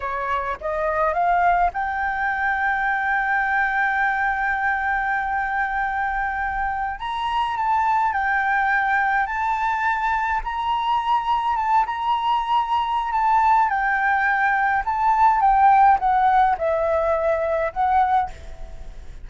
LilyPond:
\new Staff \with { instrumentName = "flute" } { \time 4/4 \tempo 4 = 105 cis''4 dis''4 f''4 g''4~ | g''1~ | g''1~ | g''16 ais''4 a''4 g''4.~ g''16~ |
g''16 a''2 ais''4.~ ais''16~ | ais''16 a''8 ais''2~ ais''16 a''4 | g''2 a''4 g''4 | fis''4 e''2 fis''4 | }